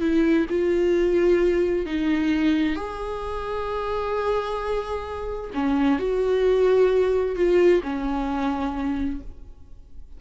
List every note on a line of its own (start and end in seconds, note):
0.00 0.46 E4
0.49 1.85 F4
1.85 2.75 D#4
2.75 5.50 G#4
5.54 5.99 C#4
5.99 7.36 F#4
7.36 7.81 F4
7.83 9.20 C#4